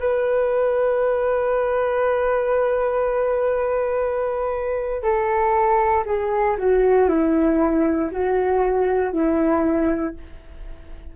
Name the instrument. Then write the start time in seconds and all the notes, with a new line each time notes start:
flute
0.00 B4
5.02 A4
6.06 G#4
6.58 F#4
7.09 E4
8.11 F#4
9.13 E4